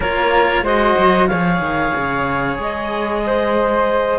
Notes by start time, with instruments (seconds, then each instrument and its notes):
0.00 cello A#3 F4, flute A#4, clarinet C#5
0.62 cello G#3 F#4, flute C5, clarinet D#5
0.98 cello F#3
1.27 cello F3 G#4, flute C#5, clarinet F5
1.59 cello D#3
1.95 cello C#3
2.58 cello G#3, clarinet D#5
3.25 flute C5